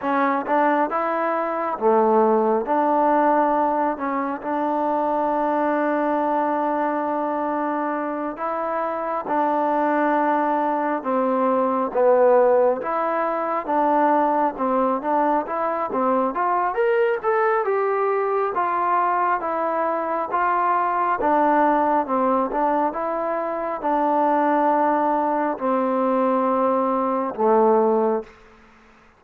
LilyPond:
\new Staff \with { instrumentName = "trombone" } { \time 4/4 \tempo 4 = 68 cis'8 d'8 e'4 a4 d'4~ | d'8 cis'8 d'2.~ | d'4. e'4 d'4.~ | d'8 c'4 b4 e'4 d'8~ |
d'8 c'8 d'8 e'8 c'8 f'8 ais'8 a'8 | g'4 f'4 e'4 f'4 | d'4 c'8 d'8 e'4 d'4~ | d'4 c'2 a4 | }